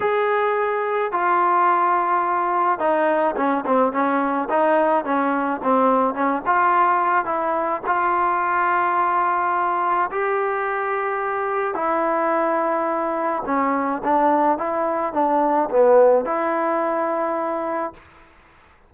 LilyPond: \new Staff \with { instrumentName = "trombone" } { \time 4/4 \tempo 4 = 107 gis'2 f'2~ | f'4 dis'4 cis'8 c'8 cis'4 | dis'4 cis'4 c'4 cis'8 f'8~ | f'4 e'4 f'2~ |
f'2 g'2~ | g'4 e'2. | cis'4 d'4 e'4 d'4 | b4 e'2. | }